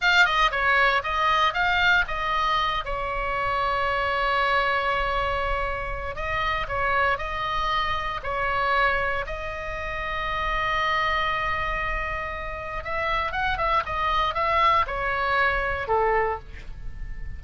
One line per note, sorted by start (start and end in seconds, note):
0.01 0.25 F5
0.25 0.50 D#5
0.51 1.02 C#5
1.03 1.53 D#5
1.53 2.04 F5
2.07 2.84 D#5
2.84 6.15 C#5
6.15 6.66 D#5
6.68 7.17 C#5
7.17 8.20 D#5
8.23 9.25 C#5
9.26 12.83 D#5
12.83 13.32 E5
13.32 13.57 F#5
13.57 13.83 E5
13.85 14.34 D#5
14.34 14.85 E5
14.86 15.87 C#5
15.87 16.39 A4